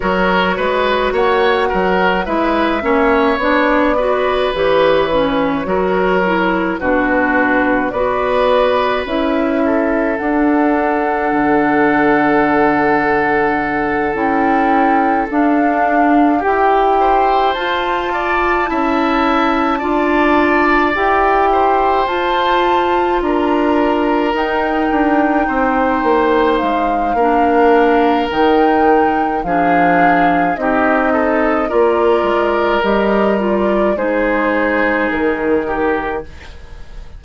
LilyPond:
<<
  \new Staff \with { instrumentName = "flute" } { \time 4/4 \tempo 4 = 53 cis''4 fis''4 e''4 d''4 | cis''2 b'4 d''4 | e''4 fis''2.~ | fis''8 g''4 f''4 g''4 a''8~ |
a''2~ a''8 g''4 a''8~ | a''8 ais''4 g''2 f''8~ | f''4 g''4 f''4 dis''4 | d''4 dis''8 d''8 c''4 ais'4 | }
  \new Staff \with { instrumentName = "oboe" } { \time 4/4 ais'8 b'8 cis''8 ais'8 b'8 cis''4 b'8~ | b'4 ais'4 fis'4 b'4~ | b'8 a'2.~ a'8~ | a'2~ a'8 g'8 c''4 |
d''8 e''4 d''4. c''4~ | c''8 ais'2 c''4. | ais'2 gis'4 g'8 a'8 | ais'2 gis'4. g'8 | }
  \new Staff \with { instrumentName = "clarinet" } { \time 4/4 fis'2 e'8 cis'8 d'8 fis'8 | g'8 cis'8 fis'8 e'8 d'4 fis'4 | e'4 d'2.~ | d'8 e'4 d'4 g'4 f'8~ |
f'8 e'4 f'4 g'4 f'8~ | f'4. dis'2~ dis'8 | d'4 dis'4 d'4 dis'4 | f'4 g'8 f'8 dis'2 | }
  \new Staff \with { instrumentName = "bassoon" } { \time 4/4 fis8 gis8 ais8 fis8 gis8 ais8 b4 | e4 fis4 b,4 b4 | cis'4 d'4 d2~ | d8 cis'4 d'4 e'4 f'8~ |
f'8 cis'4 d'4 e'4 f'8~ | f'8 d'4 dis'8 d'8 c'8 ais8 gis8 | ais4 dis4 f4 c'4 | ais8 gis8 g4 gis4 dis4 | }
>>